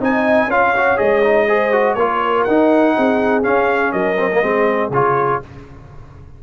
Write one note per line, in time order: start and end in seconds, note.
0.00 0.47 C4
0.00 0.49 D#4
0.00 0.49 D#5
0.00 0.51 G#5
0.47 0.96 C#4
0.47 0.75 F4
0.47 1.47 C#5
0.47 0.98 F5
0.76 0.97 F#4
0.97 1.95 G#3
0.97 1.21 G#4
0.97 1.94 D#5
1.23 1.48 D#4
1.47 1.72 G#4
1.47 1.96 C5
1.72 1.97 F#4
1.94 2.45 A#3
1.94 2.48 F4
1.94 2.96 A#4
1.94 2.43 C#5
2.44 2.96 D#4
2.44 3.43 D#4
2.44 3.42 F#5
2.96 3.46 C4
2.96 3.93 G#4
3.43 4.17 C#4
3.43 3.93 C#4
3.43 3.92 F5
3.92 4.42 F#3
3.92 4.42 A#4
3.92 4.91 D#5
4.18 4.31 C4
4.32 4.42 A#3
4.42 4.90 G#3
4.42 4.91 C4
4.42 5.43 G#4
4.90 5.39 C#3
4.90 5.42 F4
4.90 5.43 C#5